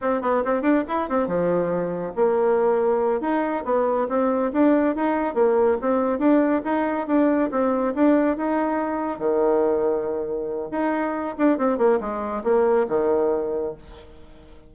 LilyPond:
\new Staff \with { instrumentName = "bassoon" } { \time 4/4 \tempo 4 = 140 c'8 b8 c'8 d'8 e'8 c'8 f4~ | f4 ais2~ ais8 dis'8~ | dis'8 b4 c'4 d'4 dis'8~ | dis'8 ais4 c'4 d'4 dis'8~ |
dis'8 d'4 c'4 d'4 dis'8~ | dis'4. dis2~ dis8~ | dis4 dis'4. d'8 c'8 ais8 | gis4 ais4 dis2 | }